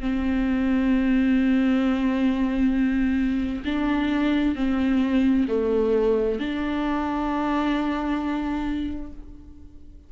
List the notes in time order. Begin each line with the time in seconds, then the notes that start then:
0.00 C4
3.65 D4
4.55 C4
5.48 A3
6.39 D4